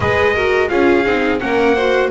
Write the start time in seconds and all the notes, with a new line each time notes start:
0.00 G#3 G#4 B4 D#5
0.34 F#4 A#4
0.68 C#4 F4 G#4 F5
1.05 C4 D#4
1.39 A#3 C#4 A#4 F#5
1.74 F#4 C5